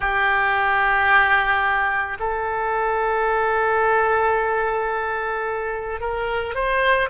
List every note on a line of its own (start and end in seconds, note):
0.00 2.18 G4
2.19 6.00 A4
6.00 6.55 A#4
6.55 7.09 C5